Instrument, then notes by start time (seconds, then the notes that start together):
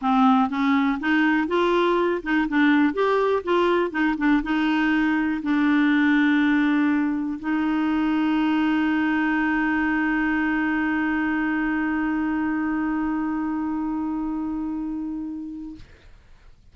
clarinet
0.01 C4
0.49 C#4
1.00 D#4
1.47 F4
2.22 D#4
2.48 D4
2.93 G4
3.43 F4
3.90 D#4
4.17 D4
4.42 D#4
5.42 D4
7.39 D#4